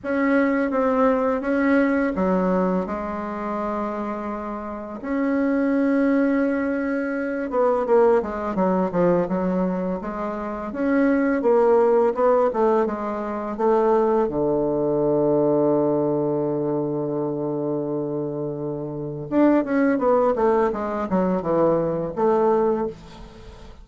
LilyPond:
\new Staff \with { instrumentName = "bassoon" } { \time 4/4 \tempo 4 = 84 cis'4 c'4 cis'4 fis4 | gis2. cis'4~ | cis'2~ cis'8 b8 ais8 gis8 | fis8 f8 fis4 gis4 cis'4 |
ais4 b8 a8 gis4 a4 | d1~ | d2. d'8 cis'8 | b8 a8 gis8 fis8 e4 a4 | }